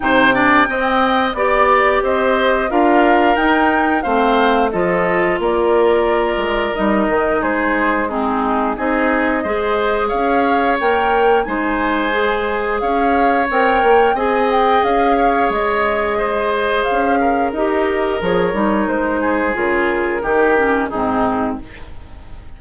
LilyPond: <<
  \new Staff \with { instrumentName = "flute" } { \time 4/4 \tempo 4 = 89 g''2 d''4 dis''4 | f''4 g''4 f''4 dis''4 | d''2 dis''4 c''4 | gis'4 dis''2 f''4 |
g''4 gis''2 f''4 | g''4 gis''8 g''8 f''4 dis''4~ | dis''4 f''4 dis''4 cis''4 | c''4 ais'2 gis'4 | }
  \new Staff \with { instrumentName = "oboe" } { \time 4/4 c''8 d''8 dis''4 d''4 c''4 | ais'2 c''4 a'4 | ais'2. gis'4 | dis'4 gis'4 c''4 cis''4~ |
cis''4 c''2 cis''4~ | cis''4 dis''4. cis''4. | c''4. ais'2~ ais'8~ | ais'8 gis'4. g'4 dis'4 | }
  \new Staff \with { instrumentName = "clarinet" } { \time 4/4 dis'8 d'8 c'4 g'2 | f'4 dis'4 c'4 f'4~ | f'2 dis'2 | c'4 dis'4 gis'2 |
ais'4 dis'4 gis'2 | ais'4 gis'2.~ | gis'2 g'4 gis'8 dis'8~ | dis'4 f'4 dis'8 cis'8 c'4 | }
  \new Staff \with { instrumentName = "bassoon" } { \time 4/4 c4 c'4 b4 c'4 | d'4 dis'4 a4 f4 | ais4. gis8 g8 dis8 gis4~ | gis4 c'4 gis4 cis'4 |
ais4 gis2 cis'4 | c'8 ais8 c'4 cis'4 gis4~ | gis4 cis'4 dis'4 f8 g8 | gis4 cis4 dis4 gis,4 | }
>>